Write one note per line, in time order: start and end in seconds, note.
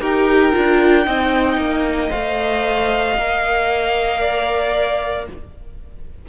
0.00 0.53 D#4
0.00 0.52 G4
0.00 1.06 A#4
0.00 2.11 G5
0.52 1.06 D4
0.52 1.05 F4
1.05 1.57 C4
1.05 2.09 D#4
1.05 4.20 D#5
1.57 2.10 A#3
2.09 3.17 A3
2.09 3.14 C5
2.09 5.26 F5
3.17 5.28 A#3
3.17 5.28 A#4
4.20 5.25 D5